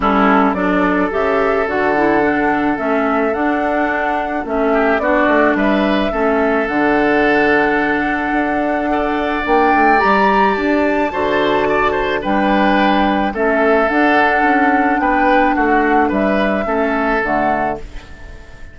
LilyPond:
<<
  \new Staff \with { instrumentName = "flute" } { \time 4/4 \tempo 4 = 108 a'4 d''4 e''4 fis''4~ | fis''4 e''4 fis''2 | e''4 d''4 e''2 | fis''1~ |
fis''4 g''4 ais''4 a''4~ | a''2 g''2 | e''4 fis''2 g''4 | fis''4 e''2 fis''4 | }
  \new Staff \with { instrumentName = "oboe" } { \time 4/4 e'4 a'2.~ | a'1~ | a'8 g'8 fis'4 b'4 a'4~ | a'1 |
d''1 | c''4 d''8 c''8 b'2 | a'2. b'4 | fis'4 b'4 a'2 | }
  \new Staff \with { instrumentName = "clarinet" } { \time 4/4 cis'4 d'4 g'4 fis'8 e'8 | d'4 cis'4 d'2 | cis'4 d'2 cis'4 | d'1 |
a'4 d'4 g'2 | fis'2 d'2 | cis'4 d'2.~ | d'2 cis'4 a4 | }
  \new Staff \with { instrumentName = "bassoon" } { \time 4/4 g4 fis4 cis4 d4~ | d4 a4 d'2 | a4 b8 a8 g4 a4 | d2. d'4~ |
d'4 ais8 a8 g4 d'4 | d2 g2 | a4 d'4 cis'4 b4 | a4 g4 a4 d4 | }
>>